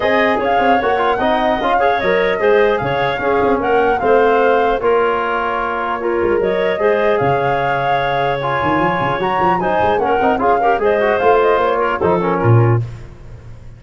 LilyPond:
<<
  \new Staff \with { instrumentName = "flute" } { \time 4/4 \tempo 4 = 150 gis''4 f''4 fis''2 | f''4 dis''2 f''4~ | f''4 fis''4 f''2 | cis''1 |
dis''2 f''2~ | f''4 gis''2 ais''4 | gis''4 fis''4 f''4 dis''4 | f''8 dis''8 cis''4 c''8 ais'4. | }
  \new Staff \with { instrumentName = "clarinet" } { \time 4/4 dis''4 cis''2 dis''4~ | dis''8 cis''4. c''4 cis''4 | gis'4 ais'4 c''2 | ais'2. f'4 |
cis''4 c''4 cis''2~ | cis''1 | c''4 ais'4 gis'8 ais'8 c''4~ | c''4. ais'8 a'4 f'4 | }
  \new Staff \with { instrumentName = "trombone" } { \time 4/4 gis'2 fis'8 f'8 dis'4 | f'8 gis'8 ais'4 gis'2 | cis'2 c'2 | f'2. ais'4~ |
ais'4 gis'2.~ | gis'4 f'2 fis'4 | dis'4 cis'8 dis'8 f'8 g'8 gis'8 fis'8 | f'2 dis'8 cis'4. | }
  \new Staff \with { instrumentName = "tuba" } { \time 4/4 c'4 cis'8 c'8 ais4 c'4 | cis'4 fis4 gis4 cis4 | cis'8 c'8 ais4 a2 | ais2.~ ais8 gis8 |
fis4 gis4 cis2~ | cis4. dis8 f8 cis8 fis8 f8 | fis8 gis8 ais8 c'8 cis'4 gis4 | a4 ais4 f4 ais,4 | }
>>